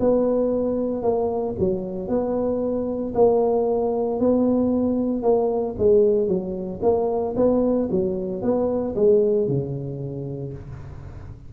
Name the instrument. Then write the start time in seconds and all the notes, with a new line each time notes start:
tuba
0.00 B3
1.03 A#3
1.60 F#3
2.09 B3
3.15 A#3
4.20 B3
5.23 A#3
5.78 G#3
6.28 F#3
6.83 A#3
7.37 B3
7.91 F#3
8.42 B3
8.96 G#3
9.48 C#3